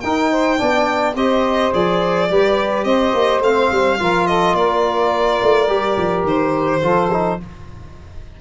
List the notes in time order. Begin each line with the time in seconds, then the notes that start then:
0.00 D#4 A#4 G5
0.31 C5
0.58 B3 D4 D5
1.15 C4 G4 C5 D#5
1.73 F3 G#4 D5
2.30 G3 G4 B4
2.84 C4 C5 D#5
3.14 A#3
3.40 A3 C4 F5
3.71 G3
3.99 F3 F4 A#4
4.27 A4 D#5
4.54 A#3 A#4 D5
5.42 A3
5.68 G3 G4
5.97 F3
6.23 D#3 C5
6.81 F3 F4 A4
7.11 D#4